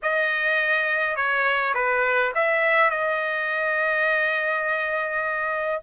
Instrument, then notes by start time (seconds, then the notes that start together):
trumpet
0.02 D#5
1.15 C#5
1.74 B4
2.35 E5
2.90 D#5